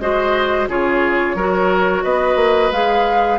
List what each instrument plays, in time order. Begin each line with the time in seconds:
0.00 bassoon G#3, clarinet F#4, oboe C5, flute D#5
0.69 bassoon C#3, clarinet F4, oboe G#4, flute C#5
1.35 bassoon F#3, clarinet F#4, oboe A#4
2.04 bassoon B3, oboe B4, flute D#5
2.36 bassoon A#3
2.72 bassoon G#3, clarinet G#4, flute F5